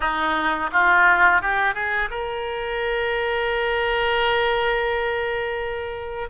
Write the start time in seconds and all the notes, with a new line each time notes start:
0.00 D#4
0.72 F4
1.41 G4
1.74 G#4
2.10 A#4